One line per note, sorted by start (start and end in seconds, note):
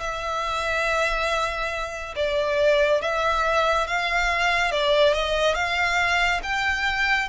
0.00 2.14 E5
2.15 3.01 D5
3.01 3.87 E5
3.87 4.71 F5
4.71 5.13 D5
5.13 5.54 D#5
5.54 6.40 F5
6.42 7.28 G5